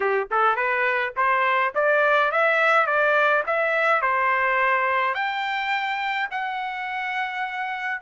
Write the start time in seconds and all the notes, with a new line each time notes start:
0.00 G4
0.30 A4
0.56 B4
1.16 C5
1.74 D5
2.31 E5
2.86 D5
3.46 E5
4.01 C5
5.14 G5
6.30 F#5